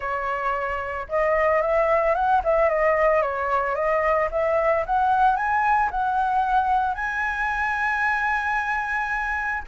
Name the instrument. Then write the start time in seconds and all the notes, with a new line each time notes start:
flute
0.00 C#5
1.09 D#5
1.61 E5
2.14 F#5
2.44 E5
2.69 D#5
3.22 C#5
3.75 D#5
4.31 E5
4.86 F#5
5.36 G#5
5.91 F#5
6.94 G#5